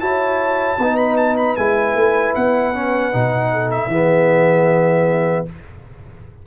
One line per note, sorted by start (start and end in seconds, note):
0.00 0.78 E4
0.00 0.79 F#4
0.00 0.80 C#5
0.00 0.97 A5
0.79 1.57 B3
0.79 1.58 D#4
0.79 3.52 B4
0.97 1.16 B5
1.17 1.36 A5
1.37 1.56 B5
1.56 1.95 G#3
1.56 2.74 E4
1.56 2.34 G#5
1.95 2.34 A3
2.35 3.14 B3
2.35 3.71 F#5
2.74 3.12 C#4
3.12 3.87 B2
3.12 3.90 D#4
3.52 3.91 A4
3.71 5.46 E5
3.87 5.43 E3
3.87 5.46 B3
3.87 5.47 G#4